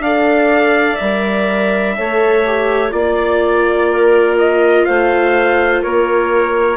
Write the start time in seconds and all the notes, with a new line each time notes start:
0.00 D4 A4 D5 F5
0.96 G3 A#4 E5
1.98 A3 A4 C#5
2.46 G4
2.92 A#3 F4 D5
3.92 A#4
4.38 D#5
4.85 A3 C5 F5
5.82 A#3 A#4 C#5